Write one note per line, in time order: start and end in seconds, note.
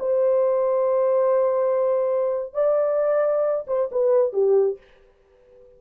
0.00 2.54 C5
2.54 3.66 D5
3.68 3.90 C5
3.92 4.33 B4
4.33 4.78 G4